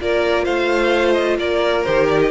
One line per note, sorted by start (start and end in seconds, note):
0.00 0.47 A#3
0.00 1.86 F4
0.00 0.45 A#4
0.00 0.45 D5
0.45 1.39 A3
0.45 1.38 C5
0.45 1.14 F5
1.14 1.37 D#5
1.39 1.85 A#3
1.39 2.31 A#4
1.39 1.84 D5
1.84 2.31 D#3
1.84 2.31 G4
1.84 2.07 C5
2.09 2.21 D5
2.21 2.31 D#5